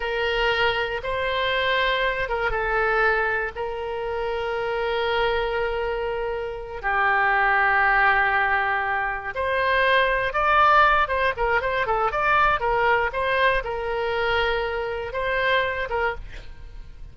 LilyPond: \new Staff \with { instrumentName = "oboe" } { \time 4/4 \tempo 4 = 119 ais'2 c''2~ | c''8 ais'8 a'2 ais'4~ | ais'1~ | ais'4. g'2~ g'8~ |
g'2~ g'8 c''4.~ | c''8 d''4. c''8 ais'8 c''8 a'8 | d''4 ais'4 c''4 ais'4~ | ais'2 c''4. ais'8 | }